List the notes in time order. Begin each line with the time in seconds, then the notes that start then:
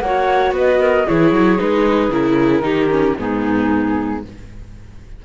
0.00 A#3 F#4 C#5 F#5
0.52 B3 B4
0.58 D#5
0.80 A#4
1.07 E3 E4 G#4 C#5
1.32 F#3
1.58 G#3 D#4 B4
2.09 C#3 E4 A#4
2.61 D#3 D#4 G4
2.90 C#4
3.18 G#2 B3 D#4 G#4